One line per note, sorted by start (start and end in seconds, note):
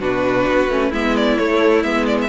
0.00 0.47 B2
0.00 0.70 D4
0.00 0.90 F#4
0.00 0.93 B4
0.48 0.69 B3
0.69 0.92 A3
0.69 0.93 C#4
0.90 1.38 G#3
0.90 1.38 B3
0.90 2.29 E4
0.90 1.17 E5
1.17 1.38 D5
1.38 1.84 A3
1.38 1.85 A3
1.38 1.83 C#5
1.83 2.29 G#3
1.83 2.29 B3
1.83 2.06 E5
2.07 2.18 D5
2.22 2.29 E5